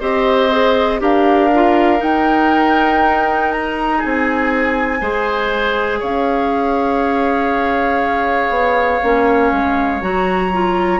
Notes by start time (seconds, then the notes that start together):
0.00 C4 G4 C5 D#5
0.51 G#4
0.99 D4 G4 A#4 F5
1.54 F4
1.97 D#4 G5
3.51 A#5
3.98 G#4 G#5
4.04 C4
5.01 G#3 G#4 C5
5.99 C#4 C#5 F5
8.49 B3
9.03 A#3 C#4
9.51 G#3
10.01 F#3 F#4 A#5
10.52 F4